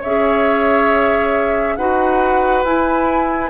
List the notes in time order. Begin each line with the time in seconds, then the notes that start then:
0.00 C#4 G#4 C#5 E5
1.76 D#4 F#4 B4 F#5
2.64 E4 G#5